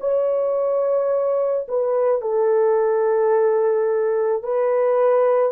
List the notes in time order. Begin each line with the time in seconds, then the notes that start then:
0.00 C#5
1.68 B4
2.21 A4
4.43 B4